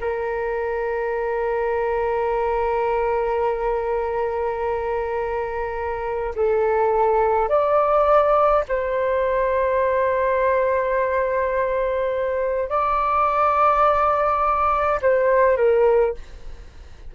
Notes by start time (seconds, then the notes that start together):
0.00 A#4
6.35 A4
7.48 D5
8.68 C5
12.69 D5
15.02 C5
15.57 A#4